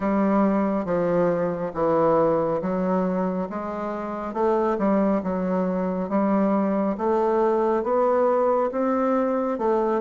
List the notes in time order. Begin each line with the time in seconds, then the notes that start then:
0.00 G3
0.85 F3
1.74 E3
2.61 F#3
3.49 G#3
4.33 A3
4.78 G3
5.23 F#3
6.09 G3
6.97 A3
7.83 B3
8.71 C4
9.58 A3